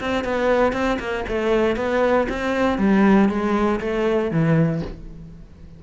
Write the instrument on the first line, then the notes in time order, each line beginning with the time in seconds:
cello
0.00 C4
0.24 B3
0.73 C4
0.99 A#3
1.28 A3
1.76 B3
2.29 C4
2.78 G3
3.29 G#3
3.80 A3
4.31 E3